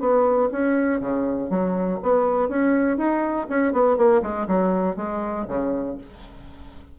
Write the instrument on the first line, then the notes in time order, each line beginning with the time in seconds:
bassoon
0.00 B3
0.52 C#4
1.00 C#3
1.50 F#3
2.03 B3
2.49 C#4
2.98 D#4
3.50 C#4
3.73 B3
3.97 A#3
4.22 G#3
4.48 F#3
4.96 G#3
5.48 C#3